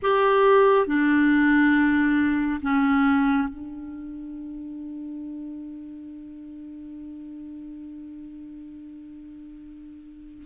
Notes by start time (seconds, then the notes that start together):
0.02 G4
0.87 D4
2.62 C#4
3.48 D4